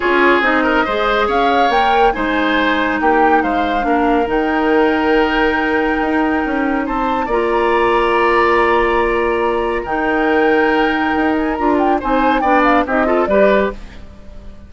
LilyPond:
<<
  \new Staff \with { instrumentName = "flute" } { \time 4/4 \tempo 4 = 140 cis''4 dis''2 f''4 | g''4 gis''2 g''4 | f''2 g''2~ | g''1 |
a''4 ais''2.~ | ais''2. g''4~ | g''2~ g''8 gis''8 ais''8 g''8 | gis''4 g''8 f''8 dis''4 d''4 | }
  \new Staff \with { instrumentName = "oboe" } { \time 4/4 gis'4. ais'8 c''4 cis''4~ | cis''4 c''2 g'4 | c''4 ais'2.~ | ais'1 |
c''4 d''2.~ | d''2. ais'4~ | ais'1 | c''4 d''4 g'8 a'8 b'4 | }
  \new Staff \with { instrumentName = "clarinet" } { \time 4/4 f'4 dis'4 gis'2 | ais'4 dis'2.~ | dis'4 d'4 dis'2~ | dis'1~ |
dis'4 f'2.~ | f'2. dis'4~ | dis'2. f'4 | dis'4 d'4 dis'8 f'8 g'4 | }
  \new Staff \with { instrumentName = "bassoon" } { \time 4/4 cis'4 c'4 gis4 cis'4 | ais4 gis2 ais4 | gis4 ais4 dis2~ | dis2 dis'4 cis'4 |
c'4 ais2.~ | ais2. dis4~ | dis2 dis'4 d'4 | c'4 b4 c'4 g4 | }
>>